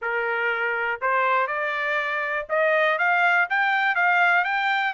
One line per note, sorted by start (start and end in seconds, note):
0.01 1.01 A#4
1.01 1.47 C5
1.47 2.46 D5
2.49 2.98 D#5
2.98 3.48 F5
3.49 3.95 G5
3.95 4.44 F5
4.44 4.93 G5